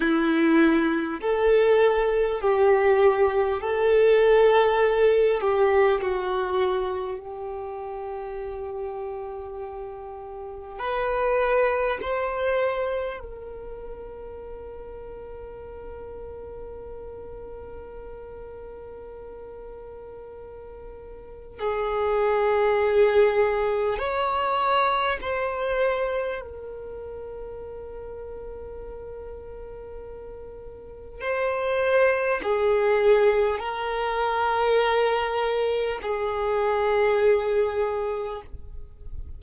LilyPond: \new Staff \with { instrumentName = "violin" } { \time 4/4 \tempo 4 = 50 e'4 a'4 g'4 a'4~ | a'8 g'8 fis'4 g'2~ | g'4 b'4 c''4 ais'4~ | ais'1~ |
ais'2 gis'2 | cis''4 c''4 ais'2~ | ais'2 c''4 gis'4 | ais'2 gis'2 | }